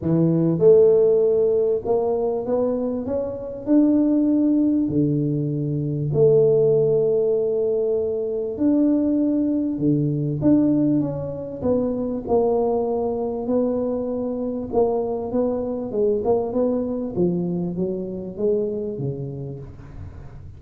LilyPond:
\new Staff \with { instrumentName = "tuba" } { \time 4/4 \tempo 4 = 98 e4 a2 ais4 | b4 cis'4 d'2 | d2 a2~ | a2 d'2 |
d4 d'4 cis'4 b4 | ais2 b2 | ais4 b4 gis8 ais8 b4 | f4 fis4 gis4 cis4 | }